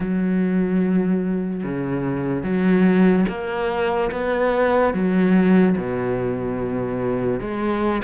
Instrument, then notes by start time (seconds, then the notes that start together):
cello
0.00 F#3
1.63 C#3
2.43 F#3
3.28 A#3
4.11 B3
4.93 F#3
5.77 B2
7.40 G#3